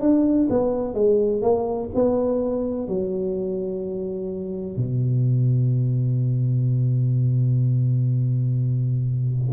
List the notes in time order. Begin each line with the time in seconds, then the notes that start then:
0.00 D4
0.49 B3
0.94 G#3
1.42 A#3
1.94 B3
2.87 F#3
4.76 B2